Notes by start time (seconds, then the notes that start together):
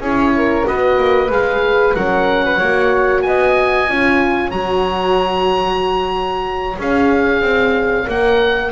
0.00 C#4 E4 G#4 C#5
0.37 A#4
0.65 B3 F#4 B4 D#5
0.98 A#3
1.30 G#3 G#4 F5
1.95 F#3 C#4 A#4 F#5
2.45 B4
2.58 A#3 F#4 C#5
3.22 B3 D#5 G#5
3.88 C#4 F4 C#5
4.51 F#3 F#4 A#5
6.79 C#4 G#4 F5
7.42 C4
8.06 A#3 A#4 F#5